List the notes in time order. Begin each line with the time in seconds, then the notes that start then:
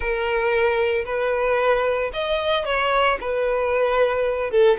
0.00 A#4
1.05 B4
2.13 D#5
2.65 C#5
3.20 B4
4.50 A4